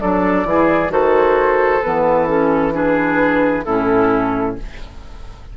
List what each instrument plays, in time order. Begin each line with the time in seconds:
0.00 bassoon F#3, clarinet D4, oboe A4, flute D5
0.44 bassoon E3, clarinet E4, oboe G#4
0.89 bassoon D#3, clarinet F#4, oboe A4, flute C5
1.82 bassoon E3, clarinet B3, flute B4
2.27 clarinet C#4, flute A4
2.72 clarinet D4, oboe G#4, flute B4
3.64 bassoon A2, clarinet C#4, oboe E4, flute A4